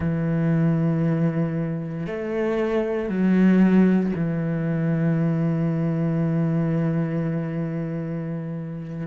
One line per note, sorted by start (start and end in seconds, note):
0.00 2.06 E3
2.06 3.08 A3
3.08 4.12 F#3
4.15 9.07 E3